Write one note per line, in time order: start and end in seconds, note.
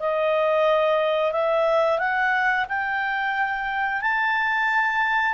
0.00 1.32 D#5
1.32 1.99 E5
1.99 2.66 F#5
2.69 4.02 G5
4.02 5.35 A5